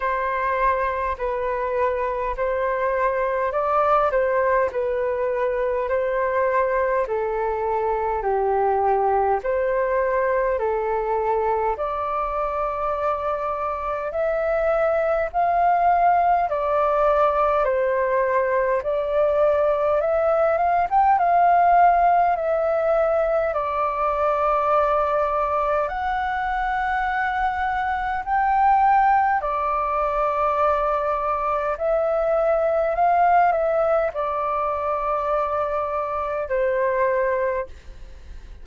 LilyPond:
\new Staff \with { instrumentName = "flute" } { \time 4/4 \tempo 4 = 51 c''4 b'4 c''4 d''8 c''8 | b'4 c''4 a'4 g'4 | c''4 a'4 d''2 | e''4 f''4 d''4 c''4 |
d''4 e''8 f''16 g''16 f''4 e''4 | d''2 fis''2 | g''4 d''2 e''4 | f''8 e''8 d''2 c''4 | }